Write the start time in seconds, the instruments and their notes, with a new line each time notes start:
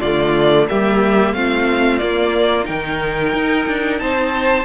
0.00 cello D3, viola A3, violin F4 D5
0.69 cello G3, viola A#3, violin G4 E5
1.34 cello A3, viola C4, violin F4 F5
1.99 viola A#3, cello A#3, violin D5
2.64 cello D#3, viola D#4, violin A#4 G5
3.34 cello D#4
3.67 cello D4
3.99 cello C4, violin C5 A5